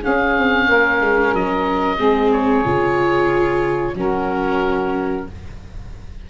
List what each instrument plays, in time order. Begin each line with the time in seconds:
0.00 viola C#4, tuba C#4, saxophone G#4, oboe F5
0.38 tuba C4
0.69 tuba A#3, saxophone A#4
1.01 tuba G#3
1.33 tuba F#3, oboe D#5
1.97 tuba G#3, viola C4, saxophone G#4
2.32 oboe C#5
2.64 tuba C#3, viola F4
3.94 tuba F#3, viola C#4, saxophone F#4, oboe A#4